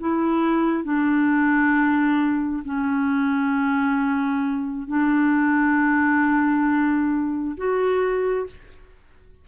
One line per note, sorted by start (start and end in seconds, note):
0.00 0.84 E4
0.84 2.63 D4
2.65 4.87 C#4
4.87 7.56 D4
7.57 8.47 F#4